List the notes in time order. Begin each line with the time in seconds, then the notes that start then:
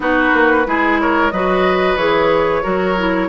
0.00 B3 D#4 F#4 B4
0.33 A#3
0.66 G#3 E4 G#4
1.00 A#4 C#5
1.30 F#3 F#4 B4 D#5
1.96 E3 G#4 C#5
2.62 F#3 F#4 A#4
2.98 E4